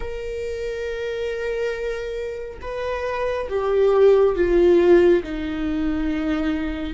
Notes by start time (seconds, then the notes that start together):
0.00 A#4
2.61 B4
3.49 G4
4.35 F4
5.23 D#4